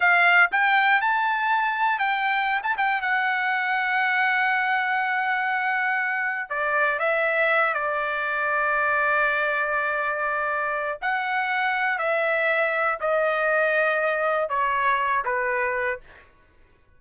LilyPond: \new Staff \with { instrumentName = "trumpet" } { \time 4/4 \tempo 4 = 120 f''4 g''4 a''2 | g''4~ g''16 a''16 g''8 fis''2~ | fis''1~ | fis''4 d''4 e''4. d''8~ |
d''1~ | d''2 fis''2 | e''2 dis''2~ | dis''4 cis''4. b'4. | }